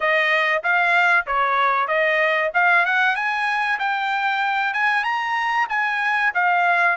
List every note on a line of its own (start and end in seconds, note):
0.00 0.63 D#5
0.63 1.26 F5
1.26 1.87 C#5
1.87 2.50 D#5
2.53 2.85 F5
2.85 3.16 F#5
3.16 3.79 G#5
3.79 4.73 G5
4.73 5.04 G#5
5.04 5.67 A#5
5.69 6.32 G#5
6.34 6.96 F5